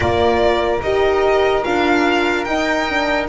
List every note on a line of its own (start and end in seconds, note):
0.00 0.81 A#3
0.00 0.82 F4
0.00 3.28 A#4
0.00 0.81 D5
0.81 1.64 D#4
0.81 1.64 G4
0.81 1.64 D#5
1.64 2.46 D4
1.64 2.46 F4
1.64 2.44 F5
2.44 2.87 D#4
2.44 3.28 D#4
2.44 3.26 G5
2.89 3.28 D4